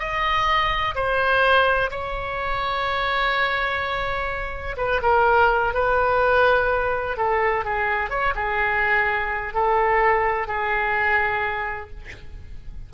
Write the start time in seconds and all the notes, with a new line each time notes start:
0.00 D#5
0.95 C5
1.91 C#5
4.77 B4
5.03 A#4
5.74 B4
7.17 A4
7.65 G#4
8.10 C#5
8.35 G#4
9.54 A4
10.48 G#4